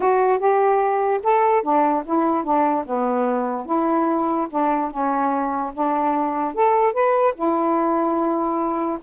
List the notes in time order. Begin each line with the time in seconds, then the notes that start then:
0.00 F#4
0.38 G4
1.23 A4
1.62 D4
2.05 E4
2.44 D4
2.86 B3
3.65 E4
4.50 D4
4.90 C#4
5.73 D4
6.54 A4
6.93 B4
7.35 E4